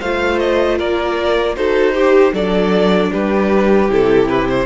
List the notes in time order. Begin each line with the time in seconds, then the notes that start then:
0.00 A3 F4 C5 F5
0.38 D#5
0.78 A#3 A#4 D5
1.55 D#4 F#4 A4 C5
1.94 G4
2.32 F#3 D4 A4 D5
3.11 G3 G4 B4
3.88 C3 E4 A4
4.28 B4
4.49 C5